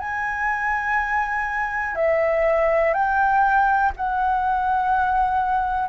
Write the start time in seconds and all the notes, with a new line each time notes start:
0.00 G#5
1.95 E5
2.94 G5
3.97 F#5